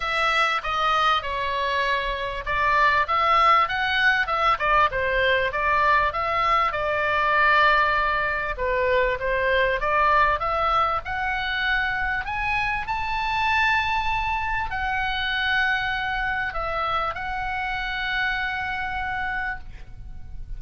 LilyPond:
\new Staff \with { instrumentName = "oboe" } { \time 4/4 \tempo 4 = 98 e''4 dis''4 cis''2 | d''4 e''4 fis''4 e''8 d''8 | c''4 d''4 e''4 d''4~ | d''2 b'4 c''4 |
d''4 e''4 fis''2 | gis''4 a''2. | fis''2. e''4 | fis''1 | }